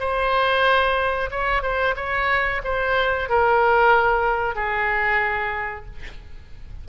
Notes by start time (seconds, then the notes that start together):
0.00 C5
1.31 C#5
1.63 C5
1.97 C#5
2.64 C5
3.30 A#4
4.56 G#4